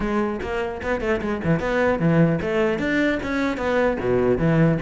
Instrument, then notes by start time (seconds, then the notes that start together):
cello
0.00 G#3
0.41 A#3
0.82 B3
1.01 A3
1.21 G#3
1.44 E3
1.59 B3
1.99 E3
2.41 A3
2.79 D4
3.23 C#4
3.57 B3
4.00 B2
4.37 E3